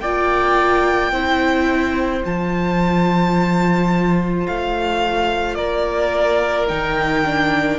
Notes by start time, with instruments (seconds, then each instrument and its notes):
0.00 cello A#3, viola F4, oboe D5, violin G5
1.12 cello C4, viola E4, oboe C5
2.24 cello F3, viola F4, violin A5
4.47 cello A3, violin F5
5.55 cello A#3, oboe A#4, violin D5
6.69 cello D#3, viola D#4, violin G5
7.25 viola D4